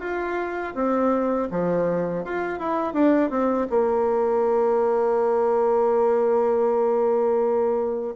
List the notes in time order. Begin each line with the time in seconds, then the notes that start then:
0.00 F4
0.75 C4
1.52 F3
2.25 F4
2.59 E4
2.94 D4
3.30 C4
3.70 A#3